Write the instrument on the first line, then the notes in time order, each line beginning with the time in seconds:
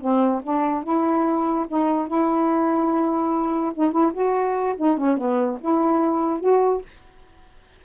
saxophone
0.00 C4
0.43 D4
0.83 E4
1.68 D#4
2.07 E4
3.74 D#4
3.91 E4
4.13 F#4
4.76 D#4
4.97 C#4
5.17 B3
5.60 E4
6.40 F#4